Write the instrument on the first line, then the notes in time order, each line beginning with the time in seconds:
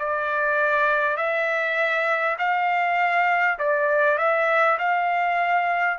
trumpet
0.00 D5
1.17 E5
2.39 F5
3.59 D5
4.19 E5
4.79 F5